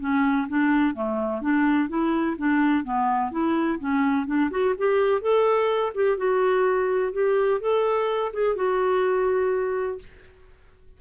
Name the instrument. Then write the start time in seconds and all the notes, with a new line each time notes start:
clarinet
0.00 C#4
0.48 D4
0.95 A3
1.42 D4
1.89 E4
2.38 D4
2.84 B3
3.32 E4
3.79 C#4
4.27 D4
4.51 F#4
4.78 G4
5.21 A4
5.95 G4
6.17 F#4
7.13 G4
7.61 A4
8.33 G#4
8.56 F#4